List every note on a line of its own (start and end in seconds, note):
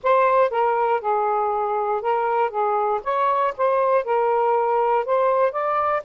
0.03 0.50 C5
0.50 1.00 A#4
1.00 2.01 G#4
2.01 2.50 A#4
2.50 3.00 G#4
3.03 3.54 C#5
3.57 4.04 C5
4.04 5.05 A#4
5.05 5.52 C5
5.52 6.02 D5